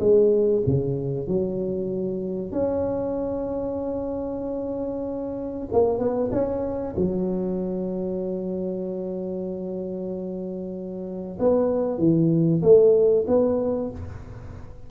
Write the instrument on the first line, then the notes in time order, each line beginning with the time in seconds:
tuba
0.00 G#3
0.67 C#3
1.28 F#3
2.52 C#4
5.72 A#3
5.99 B3
6.32 C#4
6.96 F#3
11.40 B3
11.99 E3
12.62 A3
13.27 B3